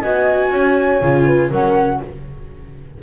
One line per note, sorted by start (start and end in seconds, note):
0.00 0.51 B3
0.00 1.02 F#4
0.00 0.50 D#5
0.00 1.50 G#5
0.50 1.01 C#4
0.50 1.24 C#5
1.01 1.51 C#3
1.01 1.52 F4
1.26 1.50 B4
1.50 2.00 F#3
1.50 2.02 C#4
1.50 2.00 A#4
1.50 2.02 F#5